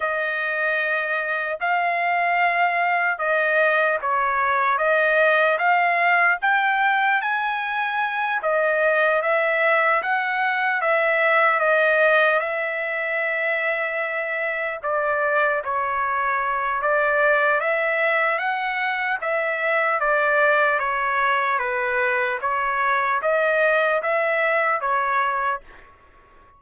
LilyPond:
\new Staff \with { instrumentName = "trumpet" } { \time 4/4 \tempo 4 = 75 dis''2 f''2 | dis''4 cis''4 dis''4 f''4 | g''4 gis''4. dis''4 e''8~ | e''8 fis''4 e''4 dis''4 e''8~ |
e''2~ e''8 d''4 cis''8~ | cis''4 d''4 e''4 fis''4 | e''4 d''4 cis''4 b'4 | cis''4 dis''4 e''4 cis''4 | }